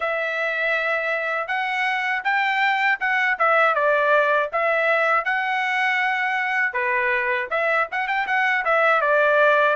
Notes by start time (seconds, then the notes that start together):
0.00 E5
1.47 F#5
2.24 G5
3.00 F#5
3.39 E5
3.75 D5
4.52 E5
5.25 F#5
6.73 B4
7.50 E5
7.91 F#5
8.07 G5
8.26 F#5
8.64 E5
9.01 D5